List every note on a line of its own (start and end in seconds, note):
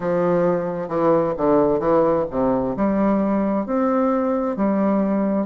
0.00 0.88 F3
0.88 1.33 E3
1.37 1.79 D3
1.79 2.25 E3
2.30 2.75 C3
2.76 3.66 G3
3.66 4.56 C4
4.56 5.46 G3